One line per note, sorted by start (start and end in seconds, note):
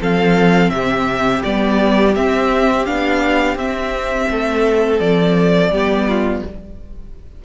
0.00 0.70 F3
0.00 1.43 C4
0.00 0.72 A4
0.00 0.70 F5
0.70 1.41 C3
0.70 4.30 G4
0.70 1.42 E5
1.43 2.16 G3
1.43 2.15 B3
1.43 2.15 D5
2.15 2.87 C4
2.15 2.86 C4
2.15 2.85 E5
2.85 3.55 B3
2.85 3.57 D4
2.85 3.57 F5
3.55 4.27 C4
3.55 5.73 C4
3.55 5.00 E5
4.30 5.00 A3
4.30 5.71 A4
5.00 5.70 F3
5.00 6.43 D5
5.70 6.42 G3
5.70 6.44 B3
5.70 6.07 G4
6.08 6.44 F4